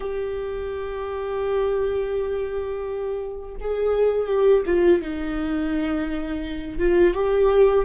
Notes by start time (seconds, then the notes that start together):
0.00 G4
3.60 G#4
4.27 G4
4.66 F4
5.01 D#4
6.78 F4
7.14 G4